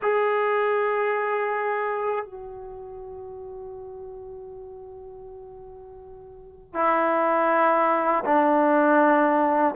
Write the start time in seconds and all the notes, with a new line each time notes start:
0.02 G#4
2.25 F#4
6.74 E4
8.25 D4